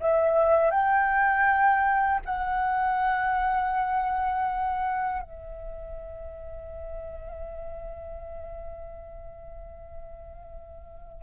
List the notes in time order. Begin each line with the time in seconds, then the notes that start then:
0.00 E5
0.71 G5
2.25 F#5
5.23 E5